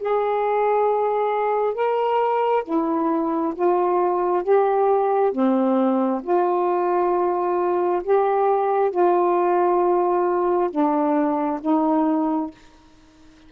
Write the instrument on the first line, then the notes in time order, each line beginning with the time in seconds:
saxophone
0.00 G#4
1.74 A#4
2.65 E4
3.55 F4
4.44 G4
5.32 C4
6.23 F4
8.04 G4
8.91 F4
10.71 D4
11.61 D#4